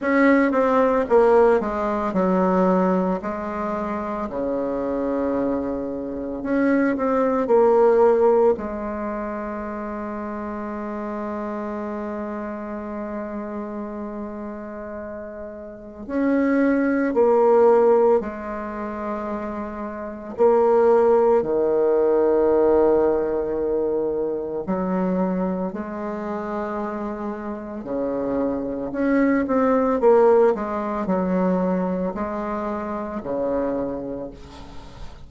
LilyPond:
\new Staff \with { instrumentName = "bassoon" } { \time 4/4 \tempo 4 = 56 cis'8 c'8 ais8 gis8 fis4 gis4 | cis2 cis'8 c'8 ais4 | gis1~ | gis2. cis'4 |
ais4 gis2 ais4 | dis2. fis4 | gis2 cis4 cis'8 c'8 | ais8 gis8 fis4 gis4 cis4 | }